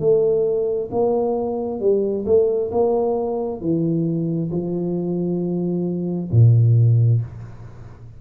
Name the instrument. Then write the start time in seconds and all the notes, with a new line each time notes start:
tuba
0.00 A3
0.92 A#3
1.80 G3
2.26 A3
2.72 A#3
3.61 E3
4.51 F3
6.32 A#2